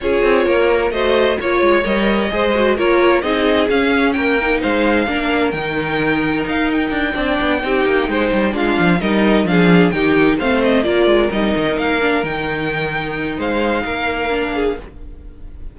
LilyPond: <<
  \new Staff \with { instrumentName = "violin" } { \time 4/4 \tempo 4 = 130 cis''2 dis''4 cis''4 | dis''2 cis''4 dis''4 | f''4 g''4 f''2 | g''2 f''8 g''4.~ |
g''2~ g''8 f''4 dis''8~ | dis''8 f''4 g''4 f''8 dis''8 d''8~ | d''8 dis''4 f''4 g''4.~ | g''4 f''2. | }
  \new Staff \with { instrumentName = "violin" } { \time 4/4 gis'4 ais'4 c''4 cis''4~ | cis''4 c''4 ais'4 gis'4~ | gis'4 ais'4 c''4 ais'4~ | ais'2.~ ais'8 d''8~ |
d''8 g'4 c''4 f'4 ais'8~ | ais'8 gis'4 g'4 c''4 ais'8~ | ais'1~ | ais'4 c''4 ais'4. gis'8 | }
  \new Staff \with { instrumentName = "viola" } { \time 4/4 f'2 fis'4 f'4 | ais'4 gis'8 fis'8 f'4 dis'4 | cis'4. dis'4. d'4 | dis'2.~ dis'8 d'8~ |
d'8 dis'2 d'4 dis'8~ | dis'8 d'4 dis'4 c'4 f'8~ | f'8 dis'4. d'8 dis'4.~ | dis'2. d'4 | }
  \new Staff \with { instrumentName = "cello" } { \time 4/4 cis'8 c'8 ais4 a4 ais8 gis8 | g4 gis4 ais4 c'4 | cis'4 ais4 gis4 ais4 | dis2 dis'4 d'8 c'8 |
b8 c'8 ais8 gis8 g8 gis8 f8 g8~ | g8 f4 dis4 a4 ais8 | gis8 g8 dis8 ais4 dis4.~ | dis4 gis4 ais2 | }
>>